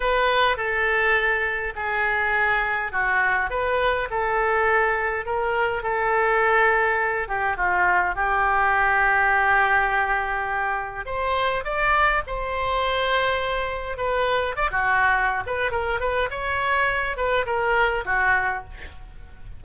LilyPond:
\new Staff \with { instrumentName = "oboe" } { \time 4/4 \tempo 4 = 103 b'4 a'2 gis'4~ | gis'4 fis'4 b'4 a'4~ | a'4 ais'4 a'2~ | a'8 g'8 f'4 g'2~ |
g'2. c''4 | d''4 c''2. | b'4 d''16 fis'4~ fis'16 b'8 ais'8 b'8 | cis''4. b'8 ais'4 fis'4 | }